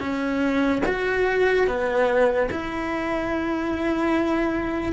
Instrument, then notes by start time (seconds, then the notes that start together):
cello
0.00 C#4
0.86 F#4
1.67 B3
2.51 E4